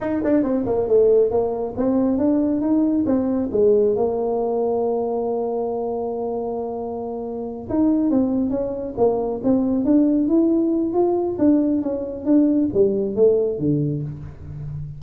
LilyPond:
\new Staff \with { instrumentName = "tuba" } { \time 4/4 \tempo 4 = 137 dis'8 d'8 c'8 ais8 a4 ais4 | c'4 d'4 dis'4 c'4 | gis4 ais2.~ | ais1~ |
ais4. dis'4 c'4 cis'8~ | cis'8 ais4 c'4 d'4 e'8~ | e'4 f'4 d'4 cis'4 | d'4 g4 a4 d4 | }